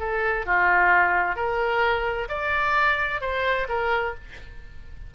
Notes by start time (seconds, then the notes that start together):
0.00 A4
0.46 F4
1.36 A#4
2.29 D5
3.22 C5
3.69 A#4